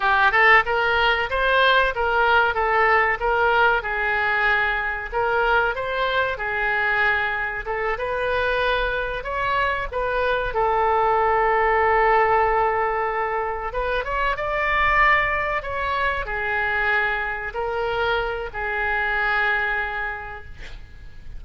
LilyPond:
\new Staff \with { instrumentName = "oboe" } { \time 4/4 \tempo 4 = 94 g'8 a'8 ais'4 c''4 ais'4 | a'4 ais'4 gis'2 | ais'4 c''4 gis'2 | a'8 b'2 cis''4 b'8~ |
b'8 a'2.~ a'8~ | a'4. b'8 cis''8 d''4.~ | d''8 cis''4 gis'2 ais'8~ | ais'4 gis'2. | }